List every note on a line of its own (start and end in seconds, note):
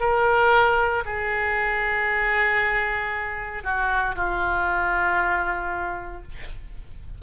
0.00 1.03 A#4
1.05 3.63 G#4
3.63 4.15 F#4
4.16 6.23 F4